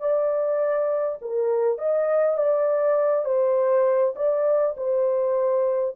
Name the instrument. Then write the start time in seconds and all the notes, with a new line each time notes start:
horn
0.00 D5
1.22 A#4
1.78 D#5
2.37 D5
3.25 C5
4.16 D5
4.77 C5